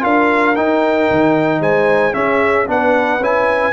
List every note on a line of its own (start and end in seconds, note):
0.00 0.56 D4
0.00 0.53 F4
0.00 1.61 A#4
0.00 0.55 F5
0.55 2.12 D#4
0.55 1.10 D#4
0.55 1.61 G5
1.10 1.60 D#3
1.60 2.13 G#3
1.60 2.14 C5
1.60 2.13 G#5
2.12 2.65 C#4
2.12 2.68 C#4
2.12 2.68 G#4
2.12 2.66 E5
2.67 3.19 B3
2.67 3.20 D4
2.67 3.72 B4
2.67 3.23 F#5
3.19 3.72 C#4
3.19 3.72 E4
3.19 3.72 G#5